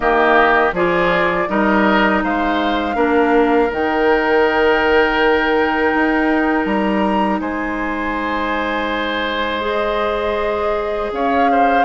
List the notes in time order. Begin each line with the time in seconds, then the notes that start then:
0.00 D#3 A#3 G4 D#5
0.72 F3 F4 G#4 D5
1.48 G3 D#4 A#4 D#5
2.23 G#3 C5 F5
2.94 A#3 D4 A#4
3.70 D#3 D#4 G5
5.94 D#4
6.65 G3 A#5
7.40 G#3 C5 G#5
9.61 G#4 D#5
11.11 C#4 C#5 F5
11.51 C5